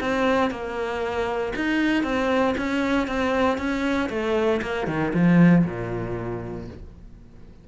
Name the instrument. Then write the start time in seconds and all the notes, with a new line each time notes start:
cello
0.00 C4
0.50 A#3
1.55 D#4
2.03 C4
2.57 C#4
3.07 C4
3.58 C#4
4.09 A3
4.62 A#3
4.87 D#3
5.14 F3
5.65 A#2